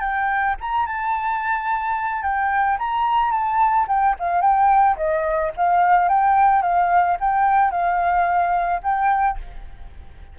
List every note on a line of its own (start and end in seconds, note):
0.00 0.55 G5
0.60 0.86 A#5
0.86 2.22 A5
2.22 2.77 G5
2.78 3.31 A#5
3.31 3.86 A5
3.88 4.15 G5
4.19 4.41 F5
4.41 4.96 G5
4.96 5.51 D#5
5.56 6.08 F5
6.08 6.62 G5
6.62 7.17 F5
7.20 7.71 G5
7.71 8.81 F5
8.82 9.38 G5